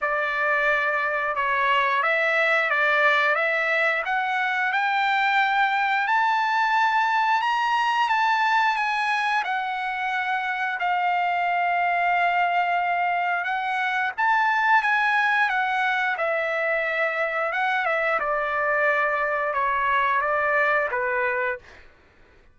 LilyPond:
\new Staff \with { instrumentName = "trumpet" } { \time 4/4 \tempo 4 = 89 d''2 cis''4 e''4 | d''4 e''4 fis''4 g''4~ | g''4 a''2 ais''4 | a''4 gis''4 fis''2 |
f''1 | fis''4 a''4 gis''4 fis''4 | e''2 fis''8 e''8 d''4~ | d''4 cis''4 d''4 b'4 | }